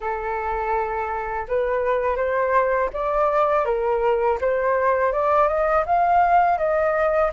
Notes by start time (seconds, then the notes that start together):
0.00 A4
1.48 B4
2.16 C5
2.93 D5
3.65 A#4
4.41 C5
5.12 D5
5.47 D#5
5.86 F5
6.58 D#5